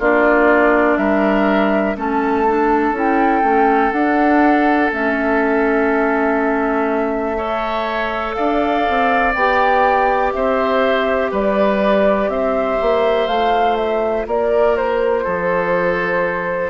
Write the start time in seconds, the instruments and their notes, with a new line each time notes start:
0.00 bassoon A#3, clarinet D4, oboe F4, flute D5
0.98 bassoon G3, oboe A#4, flute E5
1.97 bassoon A3, clarinet C#4, oboe A4, flute A5
2.48 clarinet D4
2.92 bassoon C#4, clarinet E4
2.99 flute G5
3.43 bassoon A3, clarinet C#4
3.93 bassoon D4, clarinet D4, flute F#5
4.92 bassoon A3, clarinet C#4, flute E5
7.37 clarinet A4, oboe C#5
8.35 bassoon D4, oboe D5, flute F5
8.89 bassoon C4
9.35 bassoon B3, clarinet G4, flute G5
10.33 bassoon C4, oboe C5, flute E5
11.32 bassoon G3, oboe B4, flute D5
12.28 bassoon C4, oboe C5, flute E5
12.82 bassoon A#3
13.27 bassoon A3, clarinet F4, flute F5
13.77 flute E5
14.27 bassoon A#3, oboe A#4, flute D5
14.77 flute C5
15.24 bassoon F3, oboe A4